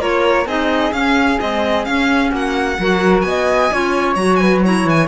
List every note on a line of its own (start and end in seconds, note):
0.00 0.46 A#3
0.00 0.46 F4
0.00 0.47 A#4
0.00 0.48 C#5
0.46 0.92 C4
0.46 0.94 D#4
0.46 2.30 G#4
0.46 0.93 D#5
0.93 1.39 C#4
0.93 1.40 C#4
0.93 1.39 F5
1.40 1.85 G#3
1.40 1.87 C4
1.40 1.85 D#5
1.85 2.77 C#4
1.85 2.32 C#4
1.85 2.31 F5
2.30 2.78 A#3
2.30 2.76 F#4
2.36 3.21 F#5
2.79 3.24 F#3
2.79 3.72 F#4
2.79 3.26 A#4
3.21 3.70 B3
3.21 4.13 G#5
3.28 3.73 D#5
3.72 4.16 C#4
3.72 4.17 F4
3.72 4.41 C#5
4.16 4.85 F#3
4.16 4.63 F#4
4.16 4.36 A#5
4.36 4.63 B4
4.36 4.59 G#5
4.63 5.08 E4
4.63 5.08 C#5
4.63 4.89 A#5
4.85 5.08 E3
4.85 5.08 G#5